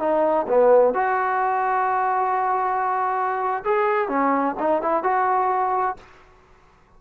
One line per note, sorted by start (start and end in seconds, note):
0.00 0.47 D#4
0.48 0.94 B3
0.94 3.64 F#4
3.65 4.09 G#4
4.09 4.56 C#4
4.59 4.82 D#4
4.82 5.03 E4
5.03 5.97 F#4